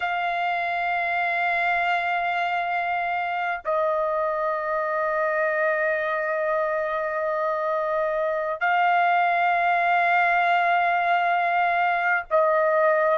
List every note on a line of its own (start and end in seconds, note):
0.00 3.61 F5
3.64 8.60 D#5
8.60 12.24 F5
12.30 13.18 D#5